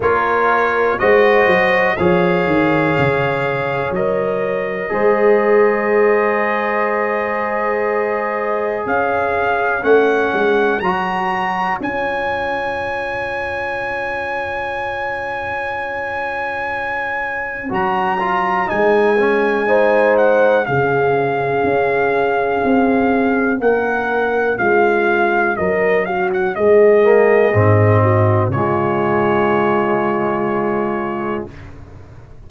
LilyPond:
<<
  \new Staff \with { instrumentName = "trumpet" } { \time 4/4 \tempo 4 = 61 cis''4 dis''4 f''2 | dis''1~ | dis''4 f''4 fis''4 ais''4 | gis''1~ |
gis''2 ais''4 gis''4~ | gis''8 fis''8 f''2. | fis''4 f''4 dis''8 f''16 fis''16 dis''4~ | dis''4 cis''2. | }
  \new Staff \with { instrumentName = "horn" } { \time 4/4 ais'4 c''4 cis''2~ | cis''4 c''2.~ | c''4 cis''2.~ | cis''1~ |
cis''1 | c''4 gis'2. | ais'4 f'4 ais'8 fis'8 gis'4~ | gis'8 fis'8 f'2. | }
  \new Staff \with { instrumentName = "trombone" } { \time 4/4 f'4 fis'4 gis'2 | ais'4 gis'2.~ | gis'2 cis'4 fis'4 | f'1~ |
f'2 fis'8 f'8 dis'8 cis'8 | dis'4 cis'2.~ | cis'2.~ cis'8 ais8 | c'4 gis2. | }
  \new Staff \with { instrumentName = "tuba" } { \time 4/4 ais4 gis8 fis8 f8 dis8 cis4 | fis4 gis2.~ | gis4 cis'4 a8 gis8 fis4 | cis'1~ |
cis'2 fis4 gis4~ | gis4 cis4 cis'4 c'4 | ais4 gis4 fis4 gis4 | gis,4 cis2. | }
>>